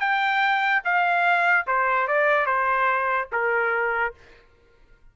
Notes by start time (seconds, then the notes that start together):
0.00 G5
0.84 F5
1.67 C5
2.08 D5
2.46 C5
3.32 A#4